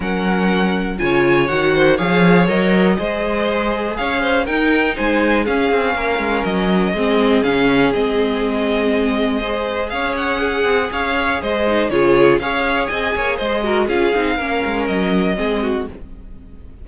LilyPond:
<<
  \new Staff \with { instrumentName = "violin" } { \time 4/4 \tempo 4 = 121 fis''2 gis''4 fis''4 | f''4 dis''2. | f''4 g''4 gis''4 f''4~ | f''4 dis''2 f''4 |
dis''1 | f''8 fis''4. f''4 dis''4 | cis''4 f''4 gis''4 dis''4 | f''2 dis''2 | }
  \new Staff \with { instrumentName = "violin" } { \time 4/4 ais'2 cis''4. c''8 | cis''2 c''2 | cis''8 c''8 ais'4 c''4 gis'4 | ais'2 gis'2~ |
gis'2. c''4 | cis''4 gis'4 cis''4 c''4 | gis'4 cis''4 dis''8 cis''8 c''8 ais'8 | gis'4 ais'2 gis'8 fis'8 | }
  \new Staff \with { instrumentName = "viola" } { \time 4/4 cis'2 f'4 fis'4 | gis'4 ais'4 gis'2~ | gis'4 dis'2 cis'4~ | cis'2 c'4 cis'4 |
c'2. gis'4~ | gis'2.~ gis'8 dis'8 | f'4 gis'2~ gis'8 fis'8 | f'8 dis'8 cis'2 c'4 | }
  \new Staff \with { instrumentName = "cello" } { \time 4/4 fis2 cis4 dis4 | f4 fis4 gis2 | cis'4 dis'4 gis4 cis'8 c'8 | ais8 gis8 fis4 gis4 cis4 |
gis1 | cis'4. c'8 cis'4 gis4 | cis4 cis'4 c'8 ais8 gis4 | cis'8 c'8 ais8 gis8 fis4 gis4 | }
>>